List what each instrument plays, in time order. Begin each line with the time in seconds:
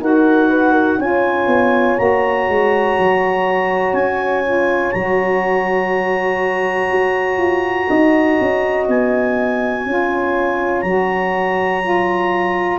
0.00 tuba D#4, saxophone F#4, horn A#4, clarinet F#5
0.49 horn B4
0.72 horn A#4
0.99 tuba C#4, saxophone F4, horn C#5, clarinet G#5
1.47 tuba B3
1.98 tuba A#3, saxophone F#4, clarinet A#5
2.48 tuba G#3
2.98 tuba F#3
3.93 tuba C#4, clarinet G#5
4.44 saxophone F4
4.92 tuba F#3, saxophone F#4, clarinet A#5
6.91 tuba F#4
7.37 tuba F4
7.88 tuba D#4, horn D#5
8.40 tuba C#4
8.88 tuba B3, clarinet G#5
9.85 tuba C#4, saxophone F4, horn C#5
10.81 tuba F#3, saxophone F#4, clarinet A#5
11.82 saxophone F4